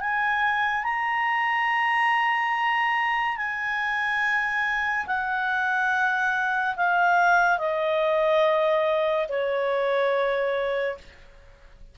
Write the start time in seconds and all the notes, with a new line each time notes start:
0.00 G#5
0.84 A#5
3.37 G#5
5.06 F#5
6.76 F5
7.58 D#5
9.28 C#5